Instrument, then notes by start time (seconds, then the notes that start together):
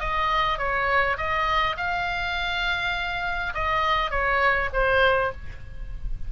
oboe
0.00 D#5
0.59 C#5
1.18 D#5
1.78 F5
3.55 D#5
4.11 C#5
4.73 C5